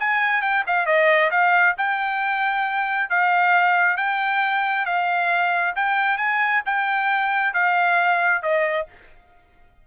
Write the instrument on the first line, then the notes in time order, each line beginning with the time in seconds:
trumpet
0.00 G#5
0.42 G5
0.67 F5
0.86 D#5
1.31 F5
1.78 G5
3.10 F5
3.97 G5
4.86 F5
5.76 G5
6.18 G#5
6.66 G5
7.54 F5
8.43 D#5